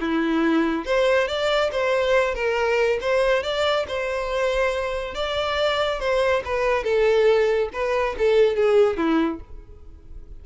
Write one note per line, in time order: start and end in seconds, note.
0.00 0.85 E4
0.85 1.27 C5
1.27 1.70 D5
1.71 2.34 C5
2.34 2.98 A#4
3.01 3.42 C5
3.42 3.85 D5
3.87 5.14 C5
5.14 5.99 D5
5.99 6.42 C5
6.45 6.83 B4
6.83 7.69 A4
7.73 8.15 B4
8.18 8.55 A4
8.55 8.97 G#4
8.97 9.40 E4